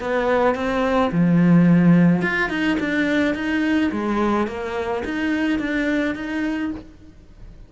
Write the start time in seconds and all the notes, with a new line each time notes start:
0.00 B3
0.55 C4
1.12 F3
2.21 F4
2.49 D#4
2.80 D4
3.35 D#4
3.92 G#3
4.47 A#3
5.05 D#4
5.59 D4
6.15 D#4